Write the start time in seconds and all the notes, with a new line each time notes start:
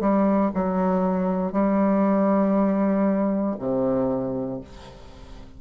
0.00 G3
0.54 F#3
1.52 G3
3.59 C3